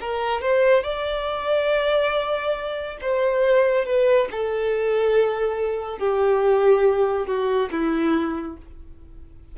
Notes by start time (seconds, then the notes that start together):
0.00 A#4
0.41 C5
0.83 D5
3.01 C5
3.85 B4
4.31 A4
5.98 G4
7.26 F#4
7.71 E4